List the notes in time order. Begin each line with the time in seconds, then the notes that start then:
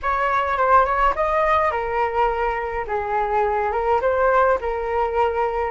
0.02 C#5
0.57 C5
0.85 C#5
1.15 D#5
1.71 A#4
2.87 G#4
3.71 A#4
4.01 C5
4.60 A#4